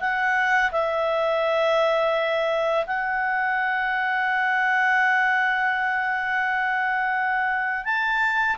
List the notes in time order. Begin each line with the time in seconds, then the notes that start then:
0.00 F#5
0.71 E5
2.86 F#5
7.85 A5